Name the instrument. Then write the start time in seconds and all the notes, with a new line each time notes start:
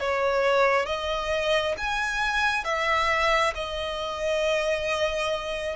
violin
0.00 C#5
0.86 D#5
1.77 G#5
2.64 E5
3.55 D#5